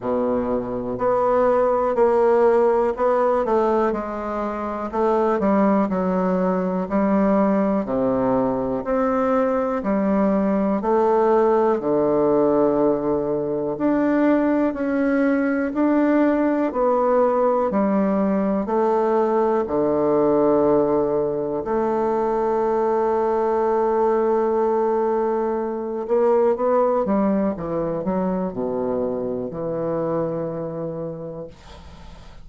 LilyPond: \new Staff \with { instrumentName = "bassoon" } { \time 4/4 \tempo 4 = 61 b,4 b4 ais4 b8 a8 | gis4 a8 g8 fis4 g4 | c4 c'4 g4 a4 | d2 d'4 cis'4 |
d'4 b4 g4 a4 | d2 a2~ | a2~ a8 ais8 b8 g8 | e8 fis8 b,4 e2 | }